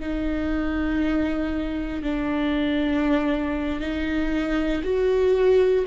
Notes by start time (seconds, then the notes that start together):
0.00 D#4
2.03 D4
3.80 D#4
4.84 F#4